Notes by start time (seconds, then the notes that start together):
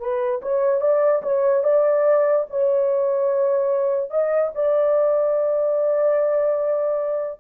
0.00 B4
0.42 C#5
0.81 D5
1.23 C#5
1.63 D5
2.50 C#5
4.10 D#5
4.55 D5